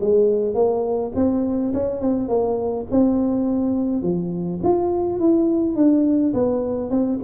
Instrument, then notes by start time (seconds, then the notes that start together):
tuba
0.00 G#3
0.54 A#3
1.15 C4
1.73 C#4
2.01 C4
2.28 A#3
2.90 C4
4.02 F3
4.63 F4
5.19 E4
5.75 D4
6.33 B3
6.90 C4